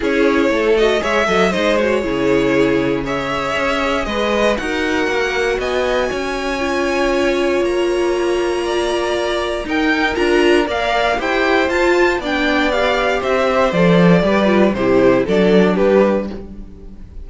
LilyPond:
<<
  \new Staff \with { instrumentName = "violin" } { \time 4/4 \tempo 4 = 118 cis''4. dis''8 e''4 dis''8 cis''8~ | cis''2 e''2 | dis''4 fis''2 gis''4~ | gis''2. ais''4~ |
ais''2. g''4 | ais''4 f''4 g''4 a''4 | g''4 f''4 e''4 d''4~ | d''4 c''4 d''4 b'4 | }
  \new Staff \with { instrumentName = "violin" } { \time 4/4 gis'4 a'4 cis''8 dis''8 c''4 | gis'2 cis''2 | b'4 ais'2 dis''4 | cis''1~ |
cis''4 d''2 ais'4~ | ais'4 d''4 c''2 | d''2 c''2 | b'4 g'4 a'4 g'4 | }
  \new Staff \with { instrumentName = "viola" } { \time 4/4 e'4. fis'8 gis'8 a'8 dis'8 fis'8 | e'2 gis'2~ | gis'4 fis'2.~ | fis'4 f'2.~ |
f'2. dis'4 | f'4 ais'4 g'4 f'4 | d'4 g'2 a'4 | g'8 f'8 e'4 d'2 | }
  \new Staff \with { instrumentName = "cello" } { \time 4/4 cis'4 a4 gis8 fis8 gis4 | cis2. cis'4 | gis4 dis'4 ais4 b4 | cis'2. ais4~ |
ais2. dis'4 | d'4 ais4 e'4 f'4 | b2 c'4 f4 | g4 c4 fis4 g4 | }
>>